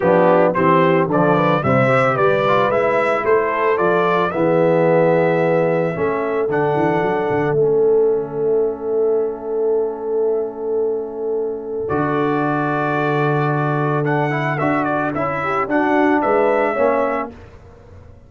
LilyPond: <<
  \new Staff \with { instrumentName = "trumpet" } { \time 4/4 \tempo 4 = 111 g'4 c''4 d''4 e''4 | d''4 e''4 c''4 d''4 | e''1 | fis''2 e''2~ |
e''1~ | e''2 d''2~ | d''2 fis''4 e''8 d''8 | e''4 fis''4 e''2 | }
  \new Staff \with { instrumentName = "horn" } { \time 4/4 d'4 g'4 a'8 b'8 c''4 | b'2 a'2 | gis'2. a'4~ | a'1~ |
a'1~ | a'1~ | a'1~ | a'8 g'8 fis'4 b'4 cis''4 | }
  \new Staff \with { instrumentName = "trombone" } { \time 4/4 b4 c'4 f4 g8 g'8~ | g'8 f'8 e'2 f'4 | b2. cis'4 | d'2 cis'2~ |
cis'1~ | cis'2 fis'2~ | fis'2 d'8 e'8 fis'4 | e'4 d'2 cis'4 | }
  \new Staff \with { instrumentName = "tuba" } { \time 4/4 f4 e4 d4 c4 | g4 gis4 a4 f4 | e2. a4 | d8 e8 fis8 d8 a2~ |
a1~ | a2 d2~ | d2. d'4 | cis'4 d'4 gis4 ais4 | }
>>